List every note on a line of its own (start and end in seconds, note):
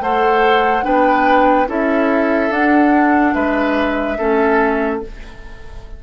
0.00 0.83 A3
0.00 0.83 A4
0.00 0.84 C5
0.00 0.85 F#5
0.83 1.68 B3
0.83 1.66 D4
0.83 1.68 B4
0.83 1.68 G5
1.67 2.49 C#4
1.67 2.51 E4
1.67 3.34 A4
1.67 2.52 E5
2.49 3.33 D4
2.49 4.17 D4
2.49 3.34 F#5
3.34 4.18 G#3
3.34 4.18 B4
3.34 5.01 E5
4.18 5.03 A3
4.18 5.02 C#4
4.18 5.01 A4